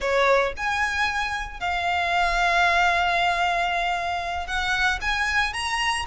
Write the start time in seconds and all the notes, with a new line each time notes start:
0.00 C#5
0.56 G#5
1.60 F5
4.46 F#5
5.01 G#5
5.53 A#5